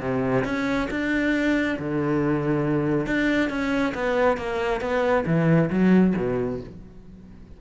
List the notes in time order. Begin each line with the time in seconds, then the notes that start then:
0.00 C3
0.44 C#4
0.90 D4
1.79 D3
3.06 D4
3.49 C#4
3.94 B3
4.37 A#3
4.81 B3
5.26 E3
5.70 F#3
6.16 B2